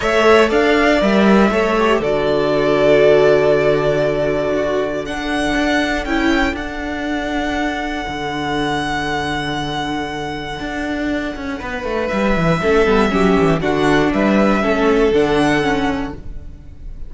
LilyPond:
<<
  \new Staff \with { instrumentName = "violin" } { \time 4/4 \tempo 4 = 119 e''4 f''4 e''2 | d''1~ | d''2 fis''2 | g''4 fis''2.~ |
fis''1~ | fis''1 | e''2. fis''4 | e''2 fis''2 | }
  \new Staff \with { instrumentName = "violin" } { \time 4/4 cis''4 d''2 cis''4 | a'1~ | a'4 fis'4 a'2~ | a'1~ |
a'1~ | a'2. b'4~ | b'4 a'4 g'4 fis'4 | b'4 a'2. | }
  \new Staff \with { instrumentName = "viola" } { \time 4/4 a'2 ais'4 a'8 g'8 | fis'1~ | fis'2 d'2 | e'4 d'2.~ |
d'1~ | d'1~ | d'4 cis'8 b8 cis'4 d'4~ | d'4 cis'4 d'4 cis'4 | }
  \new Staff \with { instrumentName = "cello" } { \time 4/4 a4 d'4 g4 a4 | d1~ | d2. d'4 | cis'4 d'2. |
d1~ | d4 d'4. cis'8 b8 a8 | g8 e8 a8 g8 fis8 e8 d4 | g4 a4 d2 | }
>>